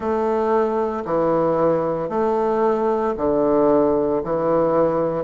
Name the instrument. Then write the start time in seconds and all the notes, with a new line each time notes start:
bassoon
0.00 A3
1.05 E3
2.09 A3
3.17 D3
4.23 E3